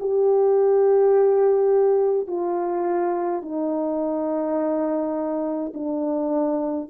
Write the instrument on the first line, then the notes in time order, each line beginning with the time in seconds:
horn
0.00 G4
2.28 F4
3.42 D#4
5.74 D4